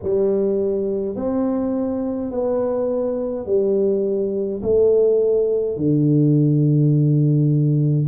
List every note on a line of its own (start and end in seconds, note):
0.03 1.15 G3
1.15 2.31 C4
2.31 3.46 B3
3.46 4.61 G3
4.62 5.76 A3
5.76 8.07 D3